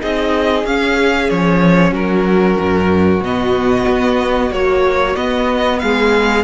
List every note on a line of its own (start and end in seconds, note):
0.00 0.65 C4
0.00 0.65 D#4
0.00 1.92 G#4
0.00 0.66 D#5
0.65 1.29 C#4
0.65 3.24 C#4
0.65 1.30 F5
1.30 1.92 F3
1.30 1.94 C#5
1.92 2.57 F#3
1.92 5.79 F#4
1.92 3.24 A#4
2.60 3.20 F#2
3.20 3.85 B2
3.20 4.52 B3
3.20 4.53 D#5
3.89 4.51 B3
4.51 5.16 F#3
4.51 5.16 A#3
4.51 5.16 C#5
5.16 6.44 B3
5.16 5.82 B3
5.16 5.80 D#5
5.80 6.44 G#3
5.80 6.44 G#4
5.80 6.44 F5